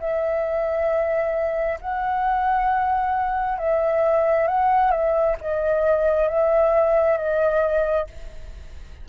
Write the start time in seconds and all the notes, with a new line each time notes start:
0.00 E5
1.81 F#5
3.58 E5
4.48 F#5
4.91 E5
5.41 D#5
6.28 E5
7.18 D#5